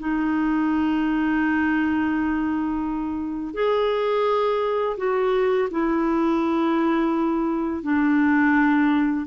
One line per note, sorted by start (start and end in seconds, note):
0.00 3.55 D#4
3.55 4.97 G#4
4.98 5.69 F#4
5.71 7.83 E4
7.83 9.26 D4